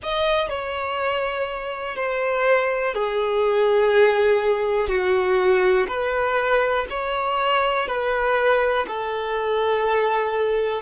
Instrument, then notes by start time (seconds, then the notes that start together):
violin
0.02 D#5
0.49 C#5
1.96 C5
2.94 G#4
4.88 F#4
5.87 B4
6.90 C#5
7.87 B4
8.87 A4